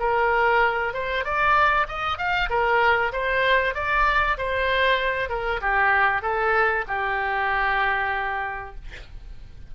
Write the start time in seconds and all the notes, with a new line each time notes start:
0.00 A#4
0.94 C5
1.25 D5
1.88 D#5
2.18 F5
2.50 A#4
3.13 C5
3.75 D5
4.38 C5
5.30 A#4
5.62 G4
6.22 A4
6.88 G4